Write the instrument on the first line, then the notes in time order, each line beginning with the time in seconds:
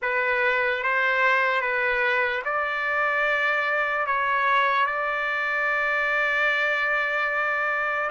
trumpet
0.02 B4
0.83 C5
1.61 B4
2.44 D5
4.06 C#5
4.85 D5